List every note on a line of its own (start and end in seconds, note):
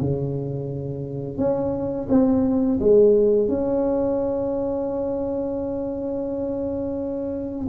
0.00 1.38 C#3
1.38 2.07 C#4
2.09 2.79 C4
2.79 3.48 G#3
3.48 7.66 C#4